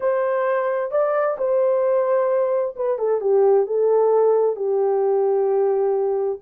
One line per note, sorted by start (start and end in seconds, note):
0.00 0.91 C5
0.91 1.37 D5
1.37 2.75 C5
2.76 2.98 B4
2.98 3.20 A4
3.20 3.66 G4
3.66 4.56 A4
4.56 6.39 G4